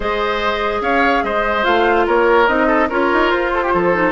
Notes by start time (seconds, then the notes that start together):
0.00 G#3 G#4 C5 D#5
0.81 C#4 C#5 F5
1.23 G#3 C5 D#5
1.63 A3 F4 F5
2.06 A#3 A#4 C#5
2.47 C4 D#4 D#5
2.67 A4
2.89 C#4 F4 A#4 C#5
3.13 D#4
3.30 F4 C5
3.53 A4
3.62 G4
3.73 F3 A4
3.93 D#4